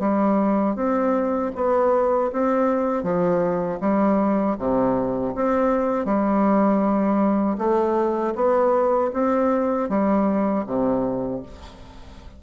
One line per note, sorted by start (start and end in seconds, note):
0.00 0.76 G3
0.76 1.52 C4
1.56 2.32 B3
2.33 3.03 C4
3.03 3.79 F3
3.81 4.57 G3
4.59 5.35 C3
5.35 6.05 C4
6.05 7.57 G3
7.58 8.34 A3
8.35 9.11 B3
9.13 9.89 C4
9.89 10.65 G3
10.67 11.43 C3